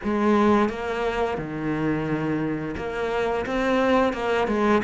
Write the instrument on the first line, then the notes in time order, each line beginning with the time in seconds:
cello
0.03 G#3
0.69 A#3
1.37 D#3
2.76 A#3
3.45 C4
4.13 A#3
4.47 G#3